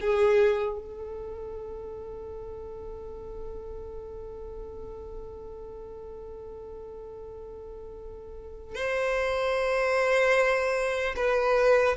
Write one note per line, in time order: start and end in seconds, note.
0.00 0.78 G#4
0.78 8.75 A4
8.75 11.15 C5
11.16 11.96 B4